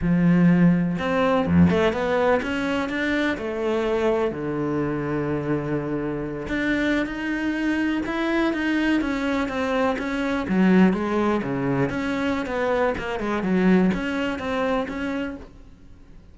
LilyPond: \new Staff \with { instrumentName = "cello" } { \time 4/4 \tempo 4 = 125 f2 c'4 f,8 a8 | b4 cis'4 d'4 a4~ | a4 d2.~ | d4. d'4~ d'16 dis'4~ dis'16~ |
dis'8. e'4 dis'4 cis'4 c'16~ | c'8. cis'4 fis4 gis4 cis16~ | cis8. cis'4~ cis'16 b4 ais8 gis8 | fis4 cis'4 c'4 cis'4 | }